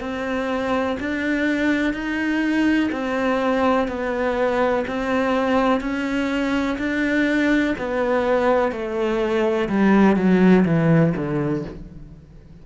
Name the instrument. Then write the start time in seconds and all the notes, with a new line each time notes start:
cello
0.00 C4
1.00 D4
1.93 D#4
2.92 C4
3.88 B3
4.87 C4
5.81 C#4
6.78 D4
7.78 B3
8.72 A3
9.69 G3
10.16 F#3
10.65 E3
11.16 D3